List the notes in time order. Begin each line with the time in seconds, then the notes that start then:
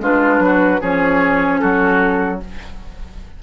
0.00 G#3 D4 F4 B4
0.39 F#3
0.46 F#4
0.80 F3 C#4 G#4 C#5
1.60 F#3 F#4 A4